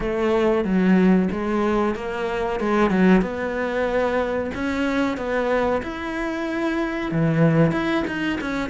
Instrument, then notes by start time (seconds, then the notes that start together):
cello
0.00 A3
0.64 F#3
1.31 G#3
1.95 A#3
2.60 G#3
2.90 F#3
3.21 B3
4.54 C#4
5.17 B3
5.82 E4
7.11 E3
7.71 E4
8.07 D#4
8.40 C#4